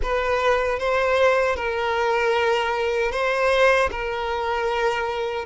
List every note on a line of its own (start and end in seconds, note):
0.02 0.79 B4
0.79 1.56 C5
1.56 3.11 A#4
3.11 3.89 C5
3.90 5.45 A#4